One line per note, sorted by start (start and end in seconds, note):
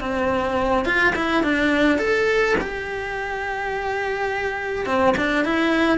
0.00 0.85 C4
0.85 1.14 F4
1.16 1.43 E4
1.43 1.98 D4
1.98 2.56 A4
2.61 4.86 G4
4.86 5.15 C4
5.17 5.45 D4
5.45 5.98 E4